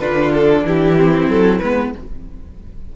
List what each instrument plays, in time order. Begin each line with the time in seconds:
0.00 cello D3, viola D4, violin F4 B4
0.34 violin A4
0.63 cello E3, violin E4 G4
0.97 viola C4
1.28 cello F#3, violin A4
1.59 cello G#3, viola B3, violin B4